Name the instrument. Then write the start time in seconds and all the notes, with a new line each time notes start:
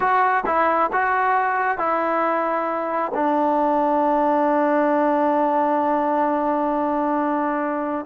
trombone
0.00 F#4
0.46 E4
0.92 F#4
1.77 E4
3.14 D4